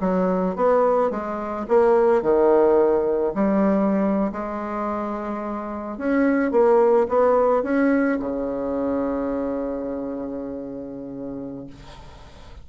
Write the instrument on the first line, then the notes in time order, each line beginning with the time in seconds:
bassoon
0.00 F#3
0.55 B3
1.10 G#3
1.68 A#3
2.22 D#3
3.34 G3
4.32 G#3
5.97 C#4
6.51 A#3
7.09 B3
7.63 C#4
8.19 C#3